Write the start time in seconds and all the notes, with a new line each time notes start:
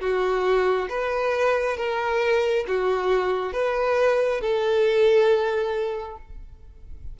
0.00 F#4
0.89 B4
1.76 A#4
2.67 F#4
3.53 B4
4.40 A4